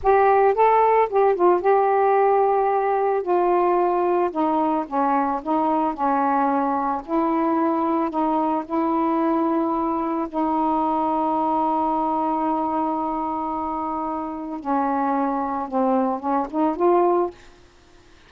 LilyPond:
\new Staff \with { instrumentName = "saxophone" } { \time 4/4 \tempo 4 = 111 g'4 a'4 g'8 f'8 g'4~ | g'2 f'2 | dis'4 cis'4 dis'4 cis'4~ | cis'4 e'2 dis'4 |
e'2. dis'4~ | dis'1~ | dis'2. cis'4~ | cis'4 c'4 cis'8 dis'8 f'4 | }